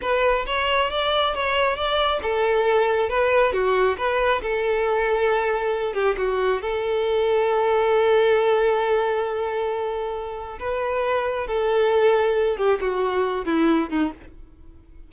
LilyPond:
\new Staff \with { instrumentName = "violin" } { \time 4/4 \tempo 4 = 136 b'4 cis''4 d''4 cis''4 | d''4 a'2 b'4 | fis'4 b'4 a'2~ | a'4. g'8 fis'4 a'4~ |
a'1~ | a'1 | b'2 a'2~ | a'8 g'8 fis'4. e'4 dis'8 | }